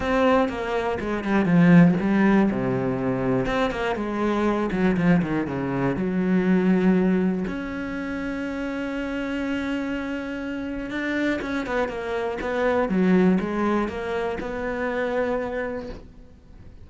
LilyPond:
\new Staff \with { instrumentName = "cello" } { \time 4/4 \tempo 4 = 121 c'4 ais4 gis8 g8 f4 | g4 c2 c'8 ais8 | gis4. fis8 f8 dis8 cis4 | fis2. cis'4~ |
cis'1~ | cis'2 d'4 cis'8 b8 | ais4 b4 fis4 gis4 | ais4 b2. | }